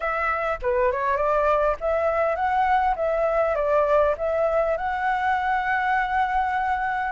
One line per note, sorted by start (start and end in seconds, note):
0.00 0.58 E5
0.62 0.91 B4
0.91 1.16 C#5
1.16 1.76 D5
1.80 2.35 E5
2.35 2.94 F#5
2.96 3.55 E5
3.55 4.14 D5
4.17 4.77 E5
4.77 7.12 F#5